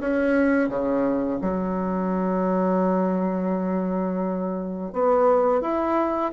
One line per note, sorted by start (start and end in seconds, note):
0.00 0.69 C#4
0.69 1.39 C#3
1.41 4.93 F#3
4.93 5.61 B3
5.61 6.32 E4